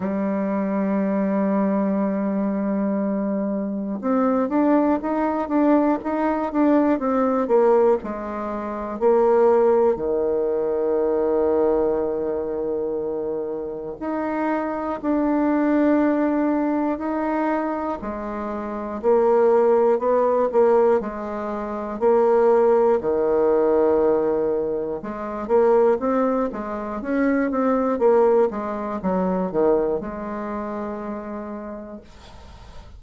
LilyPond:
\new Staff \with { instrumentName = "bassoon" } { \time 4/4 \tempo 4 = 60 g1 | c'8 d'8 dis'8 d'8 dis'8 d'8 c'8 ais8 | gis4 ais4 dis2~ | dis2 dis'4 d'4~ |
d'4 dis'4 gis4 ais4 | b8 ais8 gis4 ais4 dis4~ | dis4 gis8 ais8 c'8 gis8 cis'8 c'8 | ais8 gis8 fis8 dis8 gis2 | }